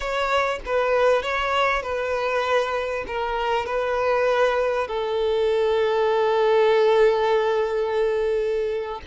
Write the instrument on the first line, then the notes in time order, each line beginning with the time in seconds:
violin
0.00 C#5
0.65 B4
1.22 C#5
1.82 B4
3.07 A#4
3.66 B4
4.87 A4